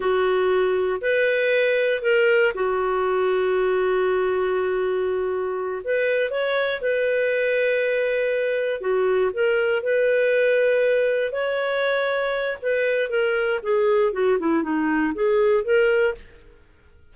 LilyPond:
\new Staff \with { instrumentName = "clarinet" } { \time 4/4 \tempo 4 = 119 fis'2 b'2 | ais'4 fis'2.~ | fis'2.~ fis'8 b'8~ | b'8 cis''4 b'2~ b'8~ |
b'4. fis'4 ais'4 b'8~ | b'2~ b'8 cis''4.~ | cis''4 b'4 ais'4 gis'4 | fis'8 e'8 dis'4 gis'4 ais'4 | }